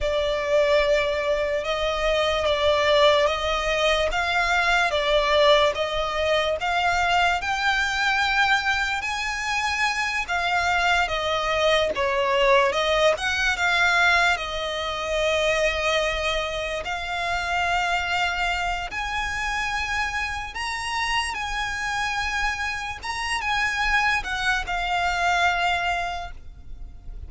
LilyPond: \new Staff \with { instrumentName = "violin" } { \time 4/4 \tempo 4 = 73 d''2 dis''4 d''4 | dis''4 f''4 d''4 dis''4 | f''4 g''2 gis''4~ | gis''8 f''4 dis''4 cis''4 dis''8 |
fis''8 f''4 dis''2~ dis''8~ | dis''8 f''2~ f''8 gis''4~ | gis''4 ais''4 gis''2 | ais''8 gis''4 fis''8 f''2 | }